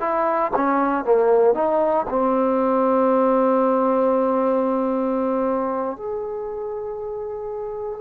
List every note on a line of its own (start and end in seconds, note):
0.00 0.52 E4
0.56 1.05 C#4
1.05 1.54 A#3
1.54 2.06 D#4
2.10 5.97 C4
5.97 8.01 G#4